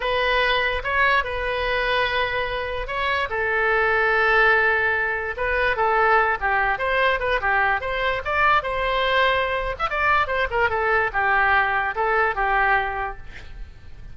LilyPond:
\new Staff \with { instrumentName = "oboe" } { \time 4/4 \tempo 4 = 146 b'2 cis''4 b'4~ | b'2. cis''4 | a'1~ | a'4 b'4 a'4. g'8~ |
g'8 c''4 b'8 g'4 c''4 | d''4 c''2~ c''8. e''16 | d''4 c''8 ais'8 a'4 g'4~ | g'4 a'4 g'2 | }